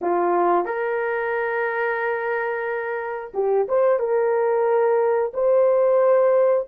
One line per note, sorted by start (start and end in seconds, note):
0.01 0.65 F4
0.65 3.32 A#4
3.34 3.67 G4
3.68 3.99 C5
3.99 5.32 A#4
5.33 6.67 C5